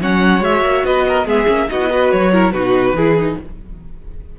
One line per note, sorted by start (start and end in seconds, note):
0.00 0.40 F#3
0.00 0.41 C#4
0.00 0.85 C#5
0.00 0.43 F#5
0.40 0.61 G#3
0.40 1.25 F#4
0.40 0.85 E5
0.61 0.82 A#3
0.85 1.26 B3
0.85 1.06 B4
0.85 1.27 D#5
1.08 1.26 A#4
1.26 1.47 G#3
1.26 1.47 B3
1.26 1.68 G#4
1.26 1.69 E5
1.47 1.69 A#3
1.47 1.68 C#4
1.68 2.12 B3
1.68 1.79 D#4
1.68 1.89 F#4
1.68 2.11 D#5
1.82 1.90 E4
1.89 2.32 F#4
1.89 2.32 B4
2.11 2.53 F#3
2.11 2.52 C#5
2.32 2.53 E4
2.32 2.54 A#4
2.52 2.93 B2
2.52 2.96 D#4
2.52 2.95 F#4
2.52 3.36 B4
2.93 3.35 E3
2.93 3.18 E4
2.93 3.38 G#4
3.18 3.39 D#4